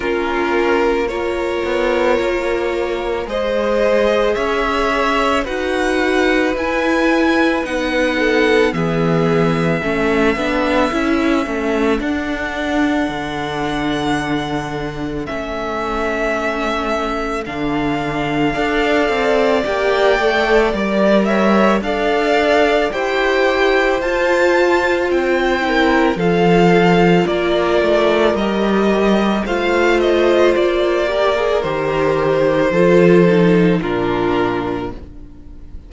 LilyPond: <<
  \new Staff \with { instrumentName = "violin" } { \time 4/4 \tempo 4 = 55 ais'4 cis''2 dis''4 | e''4 fis''4 gis''4 fis''4 | e''2. fis''4~ | fis''2 e''2 |
f''2 g''4 d''8 e''8 | f''4 g''4 a''4 g''4 | f''4 d''4 dis''4 f''8 dis''8 | d''4 c''2 ais'4 | }
  \new Staff \with { instrumentName = "violin" } { \time 4/4 f'4 ais'2 c''4 | cis''4 b'2~ b'8 a'8 | gis'4 a'2.~ | a'1~ |
a'4 d''2~ d''8 cis''8 | d''4 c''2~ c''8 ais'8 | a'4 ais'2 c''4~ | c''8 ais'4. a'4 f'4 | }
  \new Staff \with { instrumentName = "viola" } { \time 4/4 cis'4 f'2 gis'4~ | gis'4 fis'4 e'4 dis'4 | b4 cis'8 d'8 e'8 cis'8 d'4~ | d'2 cis'2 |
d'4 a'4 g'8 a'8 ais'4 | a'4 g'4 f'4. e'8 | f'2 g'4 f'4~ | f'8 g'16 gis'16 g'4 f'8 dis'8 d'4 | }
  \new Staff \with { instrumentName = "cello" } { \time 4/4 ais4. b8 ais4 gis4 | cis'4 dis'4 e'4 b4 | e4 a8 b8 cis'8 a8 d'4 | d2 a2 |
d4 d'8 c'8 ais8 a8 g4 | d'4 e'4 f'4 c'4 | f4 ais8 a8 g4 a4 | ais4 dis4 f4 ais,4 | }
>>